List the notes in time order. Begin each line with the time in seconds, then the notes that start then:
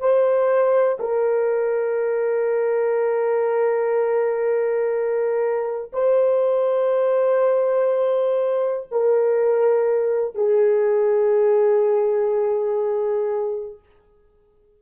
0.00 C5
1.00 A#4
5.93 C5
8.91 A#4
10.35 G#4